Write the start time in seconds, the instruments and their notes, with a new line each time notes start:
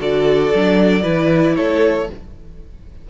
0.00 cello D3, viola F#4, violin A4 D5
0.55 cello F#3, viola D4
1.03 cello E3, viola E4, violin B4
1.57 cello A3, violin A4 C#5